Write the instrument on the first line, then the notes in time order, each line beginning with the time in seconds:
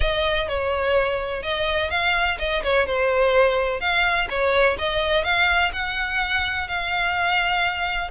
violin
0.00 D#5
0.48 C#5
1.42 D#5
1.90 F5
2.39 D#5
2.63 C#5
2.86 C5
3.80 F5
4.29 C#5
4.78 D#5
5.24 F5
5.73 F#5
6.68 F5